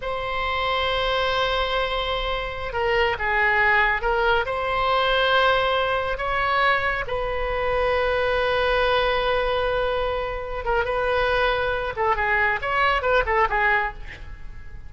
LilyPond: \new Staff \with { instrumentName = "oboe" } { \time 4/4 \tempo 4 = 138 c''1~ | c''2~ c''16 ais'4 gis'8.~ | gis'4~ gis'16 ais'4 c''4.~ c''16~ | c''2~ c''16 cis''4.~ cis''16~ |
cis''16 b'2.~ b'8.~ | b'1~ | b'8 ais'8 b'2~ b'8 a'8 | gis'4 cis''4 b'8 a'8 gis'4 | }